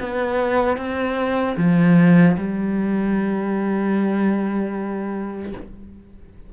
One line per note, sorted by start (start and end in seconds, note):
0.00 0.77 B3
0.77 1.56 C4
1.57 2.36 F3
2.37 5.53 G3